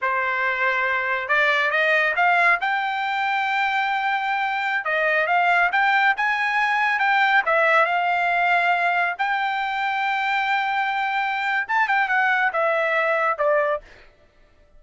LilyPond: \new Staff \with { instrumentName = "trumpet" } { \time 4/4 \tempo 4 = 139 c''2. d''4 | dis''4 f''4 g''2~ | g''2.~ g''16 dis''8.~ | dis''16 f''4 g''4 gis''4.~ gis''16~ |
gis''16 g''4 e''4 f''4.~ f''16~ | f''4~ f''16 g''2~ g''8.~ | g''2. a''8 g''8 | fis''4 e''2 d''4 | }